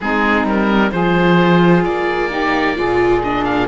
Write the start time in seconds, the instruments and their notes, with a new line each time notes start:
0.00 cello G#3, viola C4, saxophone D#4, oboe G#4
0.44 cello G3, oboe A#4
0.91 cello F3, viola F4, saxophone G#4, oboe C5
1.84 cello A#3, oboe D5
2.29 viola D#4, saxophone G4
2.75 cello A#2, viola F4, saxophone G#4
3.22 viola D4, oboe D#5
3.44 oboe F5